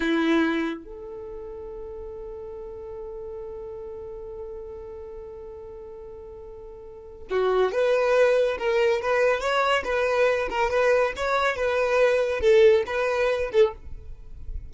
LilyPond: \new Staff \with { instrumentName = "violin" } { \time 4/4 \tempo 4 = 140 e'2 a'2~ | a'1~ | a'1~ | a'1~ |
a'4 fis'4 b'2 | ais'4 b'4 cis''4 b'4~ | b'8 ais'8 b'4 cis''4 b'4~ | b'4 a'4 b'4. a'8 | }